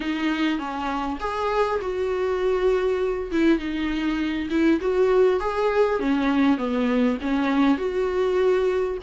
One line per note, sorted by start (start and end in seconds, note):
0.00 0.58 D#4
0.58 1.18 C#4
1.20 1.80 G#4
1.81 3.31 F#4
3.31 3.58 E4
3.58 4.48 D#4
4.50 4.80 E4
4.80 5.40 F#4
5.40 5.99 G#4
5.99 6.57 C#4
6.57 7.17 B3
7.21 7.77 C#4
7.77 8.97 F#4